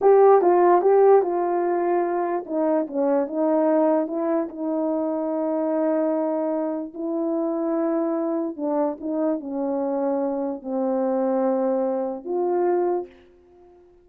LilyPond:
\new Staff \with { instrumentName = "horn" } { \time 4/4 \tempo 4 = 147 g'4 f'4 g'4 f'4~ | f'2 dis'4 cis'4 | dis'2 e'4 dis'4~ | dis'1~ |
dis'4 e'2.~ | e'4 d'4 dis'4 cis'4~ | cis'2 c'2~ | c'2 f'2 | }